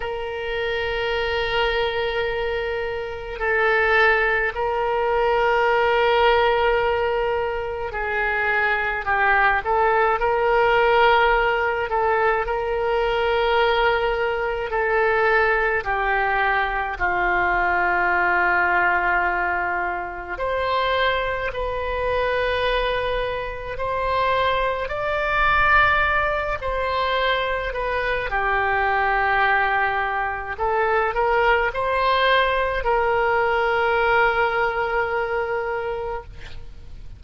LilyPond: \new Staff \with { instrumentName = "oboe" } { \time 4/4 \tempo 4 = 53 ais'2. a'4 | ais'2. gis'4 | g'8 a'8 ais'4. a'8 ais'4~ | ais'4 a'4 g'4 f'4~ |
f'2 c''4 b'4~ | b'4 c''4 d''4. c''8~ | c''8 b'8 g'2 a'8 ais'8 | c''4 ais'2. | }